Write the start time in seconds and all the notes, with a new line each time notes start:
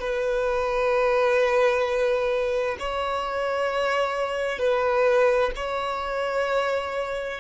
0.00 B4
2.79 C#5
4.59 B4
5.56 C#5